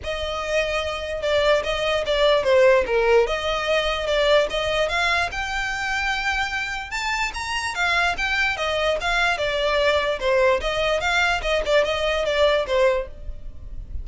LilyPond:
\new Staff \with { instrumentName = "violin" } { \time 4/4 \tempo 4 = 147 dis''2. d''4 | dis''4 d''4 c''4 ais'4 | dis''2 d''4 dis''4 | f''4 g''2.~ |
g''4 a''4 ais''4 f''4 | g''4 dis''4 f''4 d''4~ | d''4 c''4 dis''4 f''4 | dis''8 d''8 dis''4 d''4 c''4 | }